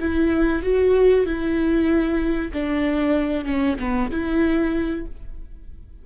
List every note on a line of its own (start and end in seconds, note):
0.00 0.63 E4
0.63 1.25 F#4
1.25 2.52 E4
2.53 3.45 D4
3.45 3.76 C#4
3.79 4.11 B3
4.11 5.06 E4